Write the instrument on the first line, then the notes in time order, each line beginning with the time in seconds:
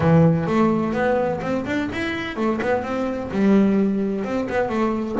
double bass
0.00 E3
0.47 A3
0.93 B3
1.41 C4
1.65 D4
1.92 E4
2.36 A3
2.61 B3
2.83 C4
3.31 G3
4.24 C4
4.49 B3
4.69 A3